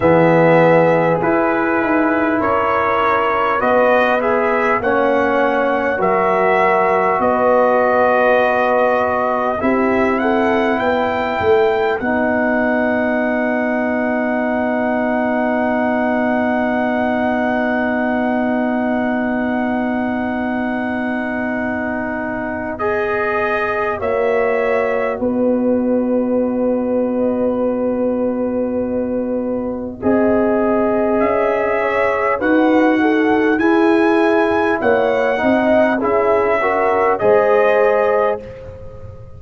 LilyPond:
<<
  \new Staff \with { instrumentName = "trumpet" } { \time 4/4 \tempo 4 = 50 e''4 b'4 cis''4 dis''8 e''8 | fis''4 e''4 dis''2 | e''8 fis''8 g''4 fis''2~ | fis''1~ |
fis''2. dis''4 | e''4 dis''2.~ | dis''2 e''4 fis''4 | gis''4 fis''4 e''4 dis''4 | }
  \new Staff \with { instrumentName = "horn" } { \time 4/4 gis'2 ais'4 b'4 | cis''4 ais'4 b'2 | g'8 a'8 b'2.~ | b'1~ |
b'1 | cis''4 b'2.~ | b'4 dis''4. cis''8 b'8 a'8 | gis'4 cis''8 dis''8 gis'8 ais'8 c''4 | }
  \new Staff \with { instrumentName = "trombone" } { \time 4/4 b4 e'2 fis'8 gis'8 | cis'4 fis'2. | e'2 dis'2~ | dis'1~ |
dis'2. gis'4 | fis'1~ | fis'4 gis'2 fis'4 | e'4. dis'8 e'8 fis'8 gis'4 | }
  \new Staff \with { instrumentName = "tuba" } { \time 4/4 e4 e'8 dis'8 cis'4 b4 | ais4 fis4 b2 | c'4 b8 a8 b2~ | b1~ |
b1 | ais4 b2.~ | b4 c'4 cis'4 dis'4 | e'4 ais8 c'8 cis'4 gis4 | }
>>